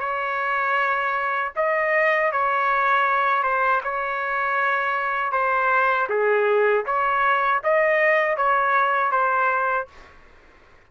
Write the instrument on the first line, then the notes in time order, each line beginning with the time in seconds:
trumpet
0.00 C#5
1.56 D#5
2.32 C#5
3.43 C5
3.84 C#5
5.32 C5
6.09 G#4
6.86 C#5
7.64 D#5
8.37 C#5
9.11 C5